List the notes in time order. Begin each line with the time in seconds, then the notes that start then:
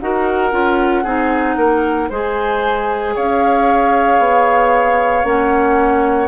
0.00 D#4 F#4 A#4 F#5
0.51 C#4 F4
1.04 C4 D#4 G#4
1.57 A#3 A#4
2.10 G#3 G#4 C5 G#5
3.15 C#4 C#5 F5
4.19 B3
5.24 A#3 C#4 F#5